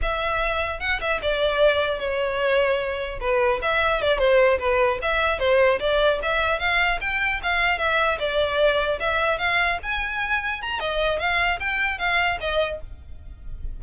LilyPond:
\new Staff \with { instrumentName = "violin" } { \time 4/4 \tempo 4 = 150 e''2 fis''8 e''8 d''4~ | d''4 cis''2. | b'4 e''4 d''8 c''4 b'8~ | b'8 e''4 c''4 d''4 e''8~ |
e''8 f''4 g''4 f''4 e''8~ | e''8 d''2 e''4 f''8~ | f''8 gis''2 ais''8 dis''4 | f''4 g''4 f''4 dis''4 | }